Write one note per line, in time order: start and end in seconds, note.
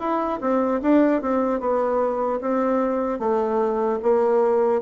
0.00 0.40 E4
0.41 0.81 C4
0.83 1.22 D4
1.22 1.60 C4
1.60 2.40 B3
2.41 3.19 C4
3.19 3.99 A3
4.03 4.82 A#3